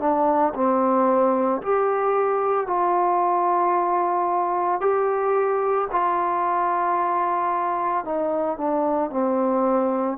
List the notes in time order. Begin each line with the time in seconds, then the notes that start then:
0.00 D4
0.55 C4
1.62 G4
2.67 F4
4.81 G4
5.92 F4
8.05 D#4
8.58 D4
9.11 C4